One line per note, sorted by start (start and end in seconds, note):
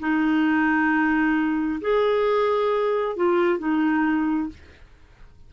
0.00 1.80 D#4
1.81 3.17 G#4
3.17 3.59 F4
3.59 4.49 D#4